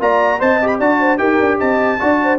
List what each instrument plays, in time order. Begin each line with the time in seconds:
0.00 tuba A#3, trombone F4, horn D5, trumpet A#5
0.40 tuba C4, trombone C5, horn D#5, trumpet A5
0.62 trombone G4, trumpet B5
0.79 tuba D4, trombone F#4, horn D5, trumpet A5
1.00 horn C5
1.18 tuba D#4, trombone G4, horn A#4, trumpet G5
1.40 tuba D4
1.59 tuba C4, horn D#5, trumpet A5
2.00 tuba D4, trombone F#4, horn D5
2.23 horn C5